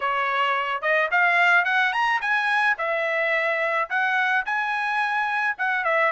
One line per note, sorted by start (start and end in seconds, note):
0.00 0.81 C#5
0.81 1.09 D#5
1.11 1.64 F5
1.64 1.92 F#5
1.92 2.20 A#5
2.21 2.77 G#5
2.78 3.89 E5
3.89 4.45 F#5
4.45 5.56 G#5
5.57 5.84 F#5
5.84 6.12 E5